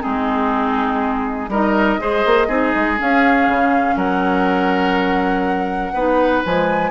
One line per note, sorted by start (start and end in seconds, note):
0.00 1.48 G#3
0.00 1.48 C4
0.00 1.50 D#4
0.00 1.49 G#4
1.48 1.97 G3
1.48 1.99 D#4
1.48 2.00 A#4
1.48 2.99 D#5
1.99 2.24 G#3
1.99 2.48 G#4
1.99 2.47 C5
2.25 2.48 A#3
2.47 2.72 C4
2.47 2.97 D#4
2.47 3.95 G#4
2.75 2.99 G#3
2.97 5.93 C#4
2.97 3.47 C#4
2.97 3.97 F5
3.47 3.96 C#3
3.96 5.92 F#3
3.96 5.93 A#4
3.96 6.43 F#5
5.93 6.43 B3
5.93 6.44 D#4
5.93 6.90 B4
6.44 6.90 F3
6.44 6.90 G#3
6.44 6.90 G#5